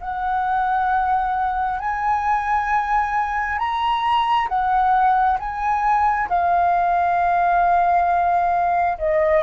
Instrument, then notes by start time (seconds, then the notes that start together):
flute
0.00 F#5
1.79 G#5
3.58 A#5
4.48 F#5
5.39 G#5
6.29 F5
8.98 D#5